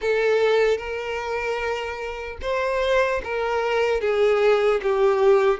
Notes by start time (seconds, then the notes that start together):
0.01 A4
0.77 A#4
2.41 C5
3.24 A#4
4.00 G#4
4.82 G4